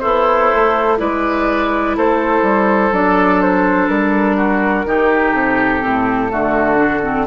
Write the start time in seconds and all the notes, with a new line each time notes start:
0.00 B3 E4 A4 C5
0.54 A3
0.98 G#3 E4 B4 D5
1.97 A3 A4 C5
2.43 G3
2.92 F#3 D4 D5
3.42 C5
3.89 G3 A#4
4.37 F#4
4.86 D#3 D#4 G4
5.33 C3 A4
5.81 A2 C4
6.30 D3 A3 F#4
6.77 D4
7.03 C4